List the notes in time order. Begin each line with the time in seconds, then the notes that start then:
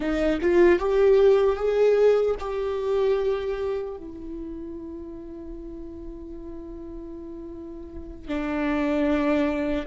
0.00 D#4
0.41 F4
0.79 G4
1.56 G#4
2.39 G4
3.97 E4
8.28 D4